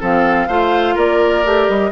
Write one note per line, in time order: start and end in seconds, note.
0.00 0.48 F3
0.00 0.48 C4
0.00 0.48 A4
0.00 0.98 F5
0.48 0.96 A3
0.48 1.44 F4
0.48 0.95 C5
0.95 1.45 A#3
0.95 1.91 A#4
0.95 1.69 D5
1.44 1.69 A3
1.44 1.91 G4
1.69 1.91 G3
1.69 1.91 D#5